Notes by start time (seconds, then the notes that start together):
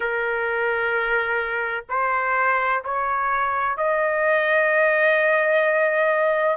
0.00 A#4
1.89 C5
2.84 C#5
3.77 D#5